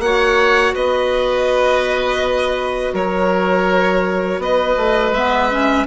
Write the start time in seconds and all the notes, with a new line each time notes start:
0.00 A#3 F#4 C#5 F#5
0.74 B3 B4 D#5
2.94 F#3 A#4 C#5
4.39 B3 B4 D#5
4.77 A3
5.12 G#3 B3 E5
5.51 C#4